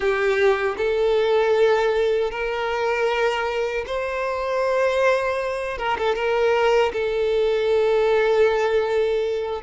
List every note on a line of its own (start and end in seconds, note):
0.00 0.75 G4
0.77 2.30 A4
2.30 3.84 A#4
3.86 5.78 C5
5.78 5.97 A#4
5.98 6.15 A4
6.15 6.92 A#4
6.92 9.62 A4